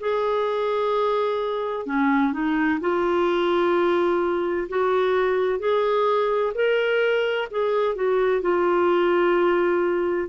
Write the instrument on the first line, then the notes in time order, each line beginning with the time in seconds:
clarinet
0.00 G#4
1.86 C#4
2.33 D#4
2.80 F4
4.69 F#4
5.59 G#4
6.55 A#4
7.51 G#4
7.95 F#4
8.42 F4